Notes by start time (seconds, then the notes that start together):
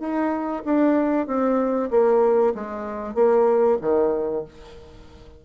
0.00 D#4
0.65 D4
1.27 C4
1.91 A#3
2.55 G#3
3.14 A#3
3.81 D#3